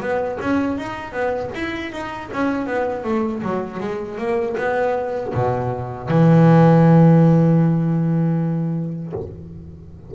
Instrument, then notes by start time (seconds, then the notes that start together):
double bass
0.00 B3
0.40 C#4
0.77 D#4
1.12 B3
1.54 E4
1.92 D#4
2.32 C#4
2.66 B3
3.04 A3
3.42 F#3
3.80 G#3
4.18 A#3
4.57 B3
5.34 B2
6.09 E3